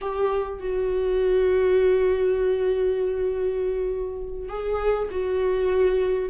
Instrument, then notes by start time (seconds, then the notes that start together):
viola
0.01 G4
0.59 F#4
4.48 G#4
5.10 F#4